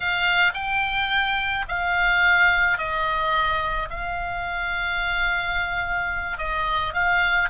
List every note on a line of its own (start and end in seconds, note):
0.00 0.52 F5
0.54 1.65 G5
1.68 2.78 F5
2.78 3.89 D#5
3.90 6.38 F5
6.38 6.93 D#5
6.93 7.48 F5